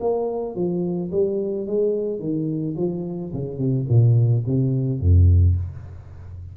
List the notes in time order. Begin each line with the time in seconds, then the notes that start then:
0.00 A#3
0.55 F3
1.11 G3
1.67 G#3
2.19 D#3
2.76 F3
3.33 C#3
3.58 C3
3.89 A#2
4.46 C3
5.00 F2